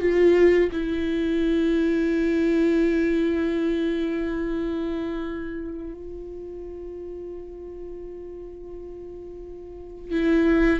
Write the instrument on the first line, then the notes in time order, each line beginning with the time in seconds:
viola
0.00 F4
0.72 E4
5.94 F4
10.11 E4